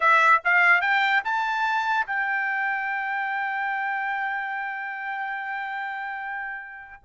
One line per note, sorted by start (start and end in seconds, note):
0.00 0.41 E5
0.44 0.81 F5
0.81 1.22 G5
1.24 2.06 A5
2.06 7.03 G5